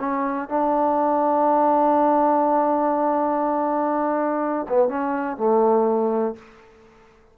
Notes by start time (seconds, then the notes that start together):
0.00 C#4
0.49 D4
4.69 B3
4.89 C#4
5.37 A3